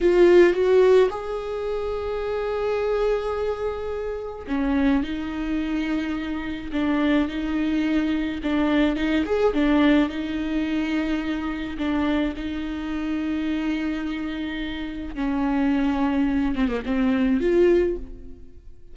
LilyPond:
\new Staff \with { instrumentName = "viola" } { \time 4/4 \tempo 4 = 107 f'4 fis'4 gis'2~ | gis'1 | cis'4 dis'2. | d'4 dis'2 d'4 |
dis'8 gis'8 d'4 dis'2~ | dis'4 d'4 dis'2~ | dis'2. cis'4~ | cis'4. c'16 ais16 c'4 f'4 | }